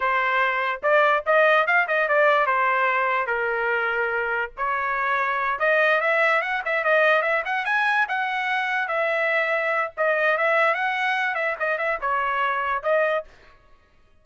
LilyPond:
\new Staff \with { instrumentName = "trumpet" } { \time 4/4 \tempo 4 = 145 c''2 d''4 dis''4 | f''8 dis''8 d''4 c''2 | ais'2. cis''4~ | cis''4. dis''4 e''4 fis''8 |
e''8 dis''4 e''8 fis''8 gis''4 fis''8~ | fis''4. e''2~ e''8 | dis''4 e''4 fis''4. e''8 | dis''8 e''8 cis''2 dis''4 | }